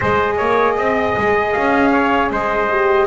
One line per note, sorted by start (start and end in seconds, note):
0.00 0.39 G#3
0.00 2.68 G#4
0.00 0.36 C5
0.00 1.52 D#5
0.37 0.77 A#3
0.37 0.75 C#5
0.77 1.16 C4
0.77 1.92 D#5
1.17 1.55 G#3
1.52 2.30 C#4
1.52 2.29 F5
1.92 2.30 C#5
2.30 3.06 G#3
2.30 3.06 C5
2.30 3.06 D#5
2.69 3.06 G4